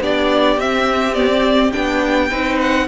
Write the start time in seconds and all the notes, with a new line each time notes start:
0.00 B3 D4 G4 D5
0.57 C4 E5
1.14 B3 D5
1.29 C4
1.72 B3 D4 G5
2.29 C4 D#4 B4
2.61 F#5